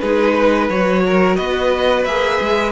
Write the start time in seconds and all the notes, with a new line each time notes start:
0.00 G#3 D#4 G#4 B4
0.34 B4
0.69 F#3 F#4 C#5
1.06 A#4
1.36 B3 B4 D#5
2.05 A#3 G#4 E5
2.41 G#3